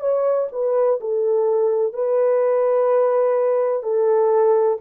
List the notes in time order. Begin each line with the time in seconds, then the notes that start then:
0.00 C#5
0.52 B4
1.00 A4
1.93 B4
3.83 A4